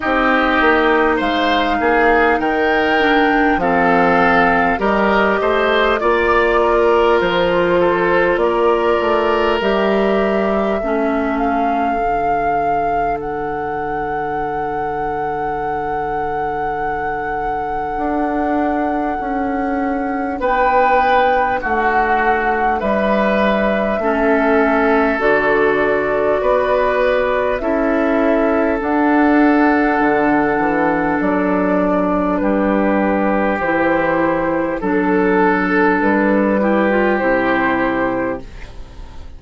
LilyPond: <<
  \new Staff \with { instrumentName = "flute" } { \time 4/4 \tempo 4 = 50 dis''4 f''4 g''4 f''4 | dis''4 d''4 c''4 d''4 | e''4. f''4. fis''4~ | fis''1~ |
fis''4 g''4 fis''4 e''4~ | e''4 d''2 e''4 | fis''2 d''4 b'4 | c''4 a'4 b'4 c''4 | }
  \new Staff \with { instrumentName = "oboe" } { \time 4/4 g'4 c''8 gis'8 ais'4 a'4 | ais'8 c''8 d''8 ais'4 a'8 ais'4~ | ais'4 a'2.~ | a'1~ |
a'4 b'4 fis'4 b'4 | a'2 b'4 a'4~ | a'2. g'4~ | g'4 a'4. g'4. | }
  \new Staff \with { instrumentName = "clarinet" } { \time 4/4 dis'2~ dis'8 d'8 c'4 | g'4 f'2. | g'4 cis'4 d'2~ | d'1~ |
d'1 | cis'4 fis'2 e'4 | d'1 | e'4 d'4. e'16 f'16 e'4 | }
  \new Staff \with { instrumentName = "bassoon" } { \time 4/4 c'8 ais8 gis8 ais8 dis4 f4 | g8 a8 ais4 f4 ais8 a8 | g4 a4 d2~ | d2. d'4 |
cis'4 b4 a4 g4 | a4 d4 b4 cis'4 | d'4 d8 e8 fis4 g4 | e4 fis4 g4 c4 | }
>>